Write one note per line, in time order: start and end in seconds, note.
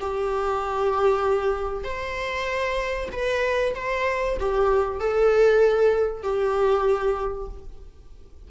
0.00 1.84 G4
1.84 3.09 C5
3.12 3.74 B4
3.75 4.38 C5
4.39 4.99 G4
4.99 6.23 A4
6.23 7.48 G4